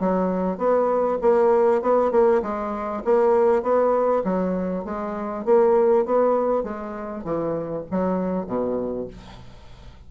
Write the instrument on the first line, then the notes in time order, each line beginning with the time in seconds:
bassoon
0.00 F#3
0.58 B3
1.22 A#3
1.82 B3
2.12 A#3
2.42 G#3
3.05 A#3
3.63 B3
4.25 F#3
4.85 G#3
5.45 A#3
6.06 B3
6.64 G#3
7.24 E3
7.91 F#3
8.47 B2